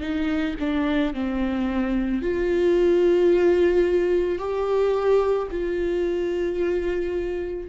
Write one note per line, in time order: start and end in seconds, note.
0.00 0.55 D#4
0.60 1.14 D4
1.14 2.22 C4
2.22 4.38 F4
4.38 5.47 G4
5.50 7.69 F4